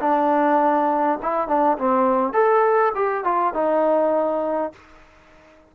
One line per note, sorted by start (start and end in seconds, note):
0.00 1.19 D4
1.22 1.48 E4
1.48 1.77 D4
1.78 2.33 C4
2.33 2.92 A4
2.95 3.24 G4
3.24 3.54 F4
3.54 4.73 D#4